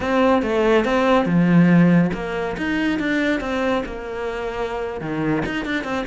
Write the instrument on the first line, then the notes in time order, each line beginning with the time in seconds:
cello
0.00 C4
0.42 A3
0.85 C4
1.25 F3
2.13 A#3
2.57 D#4
2.99 D4
3.40 C4
3.85 A#3
5.00 D#3
5.45 D#4
5.65 D4
5.84 C4